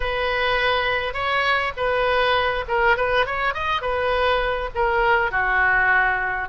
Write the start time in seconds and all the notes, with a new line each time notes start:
0.00 B4
1.13 C#5
1.76 B4
2.68 A#4
2.96 B4
3.26 C#5
3.53 D#5
3.81 B4
4.74 A#4
5.31 F#4